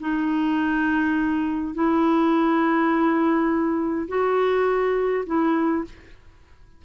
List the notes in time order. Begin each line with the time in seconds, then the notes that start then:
0.00 D#4
1.74 E4
4.08 F#4
5.26 E4